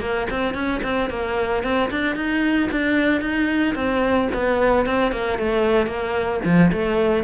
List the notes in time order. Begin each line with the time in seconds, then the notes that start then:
0.00 A#3
0.30 C4
0.54 C#4
0.83 C4
1.09 A#3
1.63 C4
1.90 D4
2.16 D#4
2.71 D4
3.21 D#4
3.75 C4
4.33 B3
4.85 C4
5.11 A#3
5.38 A3
5.86 A#3
6.44 F3
6.72 A3